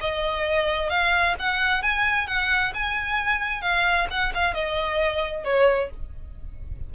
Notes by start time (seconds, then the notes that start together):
0.00 D#5
0.89 F5
1.39 F#5
1.82 G#5
2.27 F#5
2.74 G#5
3.61 F5
4.10 F#5
4.34 F5
4.53 D#5
5.44 C#5